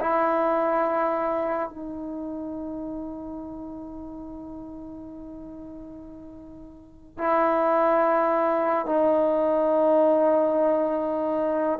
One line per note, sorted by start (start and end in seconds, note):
0.00 1.69 E4
1.69 7.18 D#4
7.18 8.86 E4
8.86 11.79 D#4